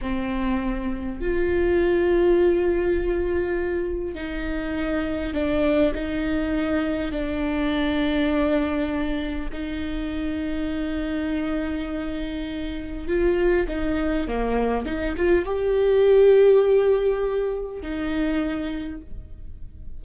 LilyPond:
\new Staff \with { instrumentName = "viola" } { \time 4/4 \tempo 4 = 101 c'2 f'2~ | f'2. dis'4~ | dis'4 d'4 dis'2 | d'1 |
dis'1~ | dis'2 f'4 dis'4 | ais4 dis'8 f'8 g'2~ | g'2 dis'2 | }